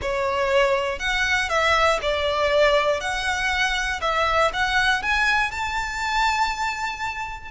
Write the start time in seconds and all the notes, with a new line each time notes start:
0.01 C#5
0.99 F#5
1.49 E5
2.02 D5
3.00 F#5
4.01 E5
4.53 F#5
5.02 G#5
5.51 A5